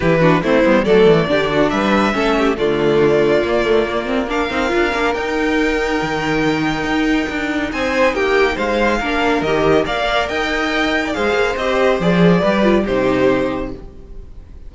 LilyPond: <<
  \new Staff \with { instrumentName = "violin" } { \time 4/4 \tempo 4 = 140 b'4 c''4 d''2 | e''2 d''2~ | d''2 f''2 | g''1~ |
g''2 gis''4 g''4 | f''2 dis''4 f''4 | g''2 f''4 dis''4 | d''2 c''2 | }
  \new Staff \with { instrumentName = "violin" } { \time 4/4 g'8 fis'8 e'4 a'4 g'8 fis'8 | b'4 a'8 g'8 f'2~ | f'2 ais'2~ | ais'1~ |
ais'2 c''4 g'4 | c''4 ais'2 d''4 | dis''4.~ dis''16 d''16 c''2~ | c''4 b'4 g'2 | }
  \new Staff \with { instrumentName = "viola" } { \time 4/4 e'8 d'8 c'8 b8 a4 d'4~ | d'4 cis'4 a2 | ais8 a8 ais8 c'8 d'8 dis'8 f'8 d'8 | dis'1~ |
dis'1~ | dis'4 d'4 g'4 ais'4~ | ais'2 gis'4 g'4 | gis'4 g'8 f'8 dis'2 | }
  \new Staff \with { instrumentName = "cello" } { \time 4/4 e4 a8 g8 fis8 e8 d4 | g4 a4 d2 | ais2~ ais8 c'8 d'8 ais8 | dis'2 dis2 |
dis'4 d'4 c'4 ais4 | gis4 ais4 dis4 ais4 | dis'2 gis8 ais8 c'4 | f4 g4 c2 | }
>>